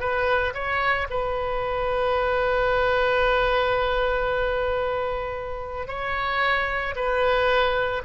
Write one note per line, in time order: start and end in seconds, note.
0.00 0.54 B4
0.54 1.07 C#5
1.10 5.88 B4
5.88 6.95 C#5
6.95 8.03 B4